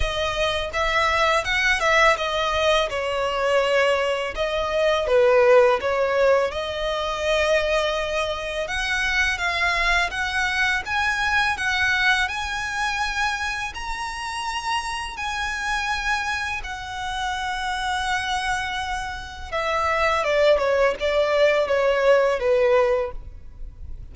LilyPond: \new Staff \with { instrumentName = "violin" } { \time 4/4 \tempo 4 = 83 dis''4 e''4 fis''8 e''8 dis''4 | cis''2 dis''4 b'4 | cis''4 dis''2. | fis''4 f''4 fis''4 gis''4 |
fis''4 gis''2 ais''4~ | ais''4 gis''2 fis''4~ | fis''2. e''4 | d''8 cis''8 d''4 cis''4 b'4 | }